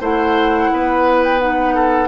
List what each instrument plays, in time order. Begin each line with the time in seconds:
0.00 bassoon A3, clarinet E4, oboe C5, flute F#5
0.71 bassoon B3, oboe B4
1.23 flute G5
1.39 clarinet D#4, flute F#5
1.74 oboe A4